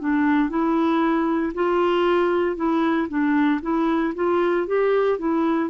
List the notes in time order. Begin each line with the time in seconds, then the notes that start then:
0.00 D4
0.49 E4
1.54 F4
2.56 E4
3.08 D4
3.62 E4
4.15 F4
4.67 G4
5.19 E4